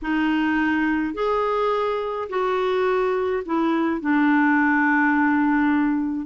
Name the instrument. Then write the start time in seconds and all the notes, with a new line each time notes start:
clarinet
0.02 D#4
1.14 G#4
2.29 F#4
3.45 E4
4.01 D4